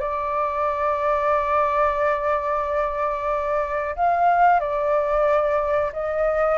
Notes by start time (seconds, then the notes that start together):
0.00 D5
3.97 F5
4.60 D5
5.93 D#5